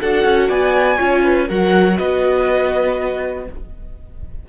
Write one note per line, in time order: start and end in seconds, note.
0.00 0.24 D4
0.00 0.97 F#4
0.00 0.48 A4
0.00 0.50 F#5
0.24 0.49 C#4
0.48 0.98 B3
0.48 0.97 D5
0.48 1.49 G#5
0.97 1.49 C#4
0.97 1.47 F4
0.97 1.21 C#5
1.23 1.48 B4
1.48 1.99 F#3
1.48 3.47 F#4
1.48 1.97 A#4
1.48 1.97 F#5
1.97 3.48 B3
1.97 3.46 B4
1.97 3.46 D#5